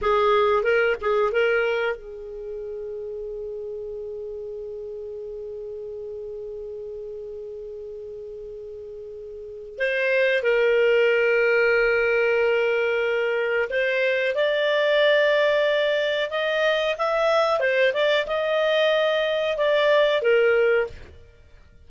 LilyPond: \new Staff \with { instrumentName = "clarinet" } { \time 4/4 \tempo 4 = 92 gis'4 ais'8 gis'8 ais'4 gis'4~ | gis'1~ | gis'1~ | gis'2. c''4 |
ais'1~ | ais'4 c''4 d''2~ | d''4 dis''4 e''4 c''8 d''8 | dis''2 d''4 ais'4 | }